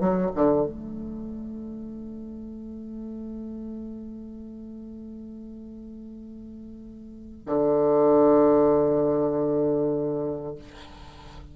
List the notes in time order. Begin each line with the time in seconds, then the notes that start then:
0.00 F#3
0.35 D3
0.66 A3
7.46 D3